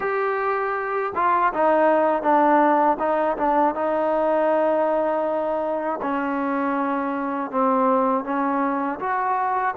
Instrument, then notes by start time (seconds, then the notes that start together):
trombone
0.00 G4
1.15 F4
1.53 D#4
2.22 D4
2.99 D#4
3.37 D4
3.75 D#4
6.02 C#4
7.50 C4
8.24 C#4
8.99 F#4